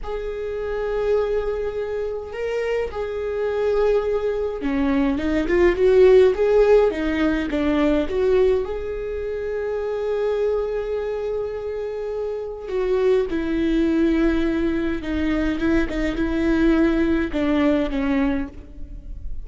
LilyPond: \new Staff \with { instrumentName = "viola" } { \time 4/4 \tempo 4 = 104 gis'1 | ais'4 gis'2. | cis'4 dis'8 f'8 fis'4 gis'4 | dis'4 d'4 fis'4 gis'4~ |
gis'1~ | gis'2 fis'4 e'4~ | e'2 dis'4 e'8 dis'8 | e'2 d'4 cis'4 | }